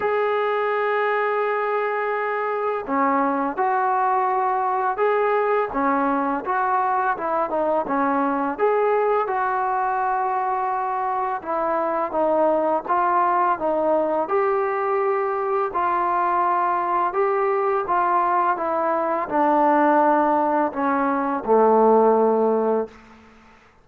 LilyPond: \new Staff \with { instrumentName = "trombone" } { \time 4/4 \tempo 4 = 84 gis'1 | cis'4 fis'2 gis'4 | cis'4 fis'4 e'8 dis'8 cis'4 | gis'4 fis'2. |
e'4 dis'4 f'4 dis'4 | g'2 f'2 | g'4 f'4 e'4 d'4~ | d'4 cis'4 a2 | }